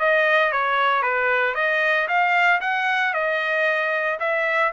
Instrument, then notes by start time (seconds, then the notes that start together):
trumpet
0.00 D#5
0.53 C#5
1.03 B4
1.55 D#5
2.08 F5
2.61 F#5
3.14 D#5
4.20 E5